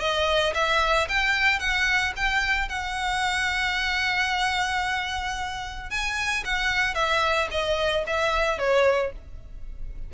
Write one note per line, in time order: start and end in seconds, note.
0.00 0.53 D#5
0.55 1.08 E5
1.09 1.60 G5
1.60 2.13 F#5
2.16 2.69 G5
2.69 5.90 F#5
5.90 6.44 G#5
6.45 6.95 F#5
6.95 7.49 E5
7.51 8.05 D#5
8.07 8.59 E5
8.59 9.12 C#5